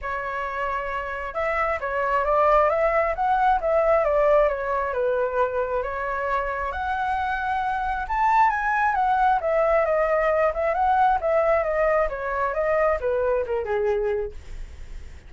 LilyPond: \new Staff \with { instrumentName = "flute" } { \time 4/4 \tempo 4 = 134 cis''2. e''4 | cis''4 d''4 e''4 fis''4 | e''4 d''4 cis''4 b'4~ | b'4 cis''2 fis''4~ |
fis''2 a''4 gis''4 | fis''4 e''4 dis''4. e''8 | fis''4 e''4 dis''4 cis''4 | dis''4 b'4 ais'8 gis'4. | }